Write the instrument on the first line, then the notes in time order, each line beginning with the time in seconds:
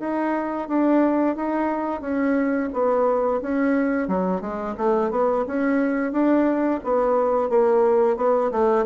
bassoon
0.00 D#4
0.68 D4
1.36 D#4
2.01 C#4
2.73 B3
3.42 C#4
4.08 F#3
4.41 G#3
4.78 A3
5.11 B3
5.47 C#4
6.12 D4
6.84 B3
7.49 A#3
8.17 B3
8.51 A3